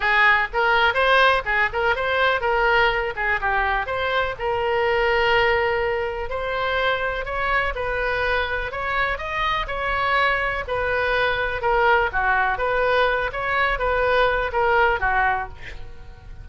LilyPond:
\new Staff \with { instrumentName = "oboe" } { \time 4/4 \tempo 4 = 124 gis'4 ais'4 c''4 gis'8 ais'8 | c''4 ais'4. gis'8 g'4 | c''4 ais'2.~ | ais'4 c''2 cis''4 |
b'2 cis''4 dis''4 | cis''2 b'2 | ais'4 fis'4 b'4. cis''8~ | cis''8 b'4. ais'4 fis'4 | }